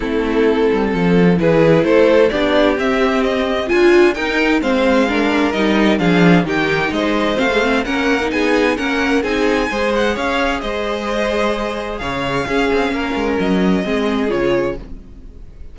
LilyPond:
<<
  \new Staff \with { instrumentName = "violin" } { \time 4/4 \tempo 4 = 130 a'2. b'4 | c''4 d''4 e''4 dis''4 | gis''4 g''4 f''2 | dis''4 f''4 g''4 dis''4 |
f''4 fis''4 gis''4 fis''4 | gis''4. fis''8 f''4 dis''4~ | dis''2 f''2~ | f''4 dis''2 cis''4 | }
  \new Staff \with { instrumentName = "violin" } { \time 4/4 e'2 a'4 gis'4 | a'4 g'2. | f'4 ais'4 c''4 ais'4~ | ais'4 gis'4 g'4 c''4~ |
c''4 ais'4 gis'4 ais'4 | gis'4 c''4 cis''4 c''4~ | c''2 cis''4 gis'4 | ais'2 gis'2 | }
  \new Staff \with { instrumentName = "viola" } { \time 4/4 c'2. e'4~ | e'4 d'4 c'2 | f'4 dis'4 c'4 d'4 | dis'4 d'4 dis'2 |
c'16 gis16 c'8 cis'8. dis'4~ dis'16 cis'4 | dis'4 gis'2.~ | gis'2. cis'4~ | cis'2 c'4 f'4 | }
  \new Staff \with { instrumentName = "cello" } { \time 4/4 a4. g8 f4 e4 | a4 b4 c'2 | d'4 dis'4 gis2 | g4 f4 dis4 gis4 |
a4 ais4 b4 ais4 | c'4 gis4 cis'4 gis4~ | gis2 cis4 cis'8 c'8 | ais8 gis8 fis4 gis4 cis4 | }
>>